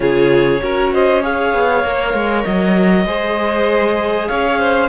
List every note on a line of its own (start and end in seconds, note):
0.00 0.61 C#3
0.00 0.59 F4
0.00 0.62 G#4
0.00 0.92 C#5
0.61 1.53 C#4
0.61 1.21 F#4
0.61 0.93 A#4
0.93 1.23 C5
0.93 1.23 D#5
1.21 1.83 G#4
1.21 3.06 C#5
1.21 2.44 F5
1.53 1.84 B3
1.84 2.13 A#3
1.84 3.05 A#4
2.13 2.44 G#3
2.44 3.05 F#3
2.44 4.27 D#5
3.05 4.28 G#3
3.05 4.89 G#4
3.05 4.28 C5
4.27 4.89 C#4
4.27 4.59 C#5
4.27 4.89 F5
4.59 4.89 C5